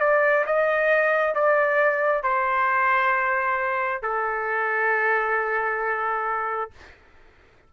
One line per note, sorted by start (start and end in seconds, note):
0.00 0.45 D5
0.46 1.35 D#5
1.35 2.23 D5
2.23 4.02 C5
4.02 6.71 A4